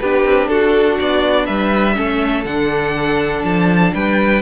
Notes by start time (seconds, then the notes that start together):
0.00 B3 D4 G4 B4
0.25 C4
0.48 D4 F#4 A4
0.99 B3 D5
1.46 G3 B4 E5
1.95 A3 C#4 A4
2.45 D3 D4 F#5
3.44 F3 A5
3.94 G3 B4 G5